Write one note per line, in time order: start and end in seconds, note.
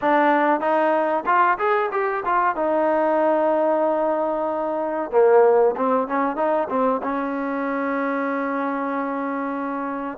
0.01 0.60 D4
0.60 1.24 D#4
1.26 1.58 F4
1.58 1.90 G#4
1.91 2.23 G4
2.25 2.55 F4
2.55 5.11 D#4
5.11 5.75 A#3
5.76 6.07 C4
6.07 6.36 C#4
6.36 6.68 D#4
6.69 7.01 C4
7.02 10.18 C#4